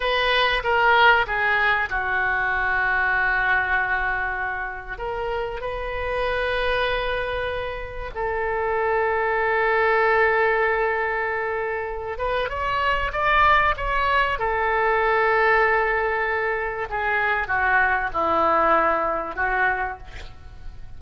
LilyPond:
\new Staff \with { instrumentName = "oboe" } { \time 4/4 \tempo 4 = 96 b'4 ais'4 gis'4 fis'4~ | fis'1 | ais'4 b'2.~ | b'4 a'2.~ |
a'2.~ a'8 b'8 | cis''4 d''4 cis''4 a'4~ | a'2. gis'4 | fis'4 e'2 fis'4 | }